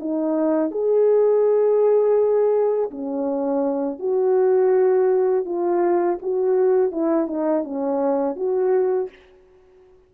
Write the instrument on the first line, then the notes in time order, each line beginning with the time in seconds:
horn
0.00 D#4
0.72 G#4
2.91 C#4
4.00 F#4
5.45 F4
6.23 F#4
6.92 E4
7.28 D#4
7.64 C#4
8.36 F#4